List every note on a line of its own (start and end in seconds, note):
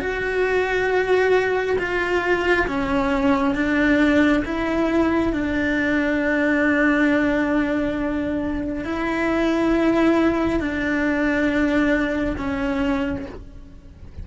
0.00 1.76 F#4
1.79 2.67 F4
2.67 3.55 C#4
3.55 4.43 D4
4.45 5.33 E4
5.33 8.85 D4
8.85 10.60 E4
10.60 12.36 D4
12.37 13.26 C#4